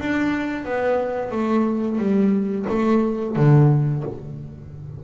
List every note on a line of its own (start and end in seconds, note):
0.00 0.65 D4
0.65 1.31 B3
1.31 1.99 A3
1.99 2.66 G3
2.70 3.36 A3
3.36 4.04 D3